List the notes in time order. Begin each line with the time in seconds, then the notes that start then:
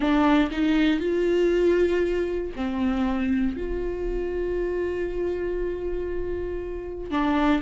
0.00 D4
0.51 D#4
1.00 F4
2.55 C4
3.57 F4
7.10 D4